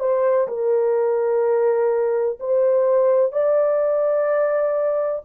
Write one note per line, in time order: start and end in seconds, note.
0.00 0.48 C5
0.48 2.39 A#4
2.39 3.32 C5
3.32 5.23 D5